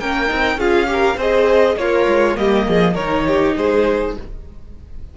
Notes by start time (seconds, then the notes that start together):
0.00 A#3 C#4 A#4 G5
0.27 C4 D#4
0.55 C#4 F4 G#4 F5
0.87 G4
0.93 A#4
1.16 C4 G#4 C5 D#5
1.76 A#3 F4 A#4 C#5
2.07 G#3
2.34 G3 A#3 G4 D#5
2.67 F3 G#4
2.94 D#3 D#4 A#4 C#5
3.27 G4
3.57 G#3 G#4 C5